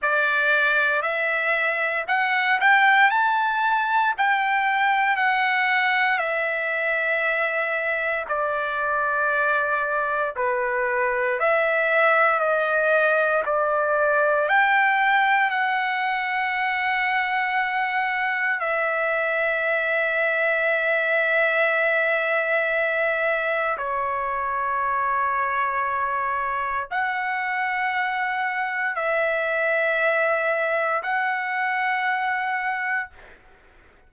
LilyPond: \new Staff \with { instrumentName = "trumpet" } { \time 4/4 \tempo 4 = 58 d''4 e''4 fis''8 g''8 a''4 | g''4 fis''4 e''2 | d''2 b'4 e''4 | dis''4 d''4 g''4 fis''4~ |
fis''2 e''2~ | e''2. cis''4~ | cis''2 fis''2 | e''2 fis''2 | }